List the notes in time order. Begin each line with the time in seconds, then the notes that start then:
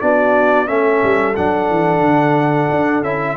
0.00 B3 D4 F#4 D5
0.66 A3 C#4 A4 E5
1.03 G3
1.36 F#3 D4 F#5
1.70 E3
2.00 D3
2.71 D4
3.02 C#4 E4 E5